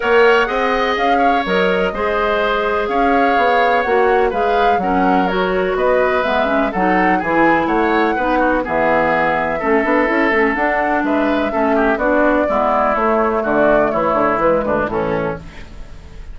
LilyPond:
<<
  \new Staff \with { instrumentName = "flute" } { \time 4/4 \tempo 4 = 125 fis''2 f''4 dis''4~ | dis''2 f''2 | fis''4 f''4 fis''4 cis''4 | dis''4 e''4 fis''4 gis''4 |
fis''2 e''2~ | e''2 fis''4 e''4~ | e''4 d''2 cis''4 | d''4 cis''4 b'4 a'4 | }
  \new Staff \with { instrumentName = "oboe" } { \time 4/4 cis''4 dis''4. cis''4. | c''2 cis''2~ | cis''4 b'4 ais'2 | b'2 a'4 gis'4 |
cis''4 b'8 fis'8 gis'2 | a'2. b'4 | a'8 g'8 fis'4 e'2 | fis'4 e'4. d'8 cis'4 | }
  \new Staff \with { instrumentName = "clarinet" } { \time 4/4 ais'4 gis'2 ais'4 | gis'1 | fis'4 gis'4 cis'4 fis'4~ | fis'4 b8 cis'8 dis'4 e'4~ |
e'4 dis'4 b2 | cis'8 d'8 e'8 cis'8 d'2 | cis'4 d'4 b4 a4~ | a2 gis4 e4 | }
  \new Staff \with { instrumentName = "bassoon" } { \time 4/4 ais4 c'4 cis'4 fis4 | gis2 cis'4 b4 | ais4 gis4 fis2 | b4 gis4 fis4 e4 |
a4 b4 e2 | a8 b8 cis'8 a8 d'4 gis4 | a4 b4 gis4 a4 | d4 e8 d8 e8 d,8 a,4 | }
>>